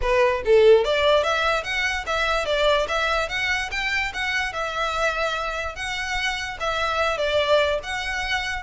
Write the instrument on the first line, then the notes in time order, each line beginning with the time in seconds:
violin
0.01 B4
0.45 A4
0.84 D5
1.23 E5
1.63 F#5
2.06 E5
2.45 D5
2.87 E5
3.29 F#5
3.71 G5
4.13 F#5
4.52 E5
5.75 F#5
6.59 E5
7.17 D5
7.83 F#5